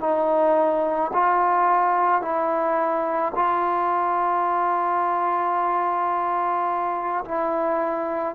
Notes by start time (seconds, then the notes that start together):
0.00 D#4
1.13 F4
2.21 E4
3.35 F4
7.24 E4